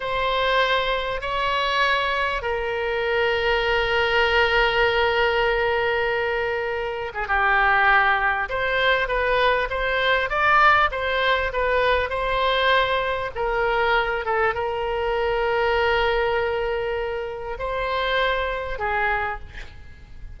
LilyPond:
\new Staff \with { instrumentName = "oboe" } { \time 4/4 \tempo 4 = 99 c''2 cis''2 | ais'1~ | ais'2.~ ais'8. gis'16 | g'2 c''4 b'4 |
c''4 d''4 c''4 b'4 | c''2 ais'4. a'8 | ais'1~ | ais'4 c''2 gis'4 | }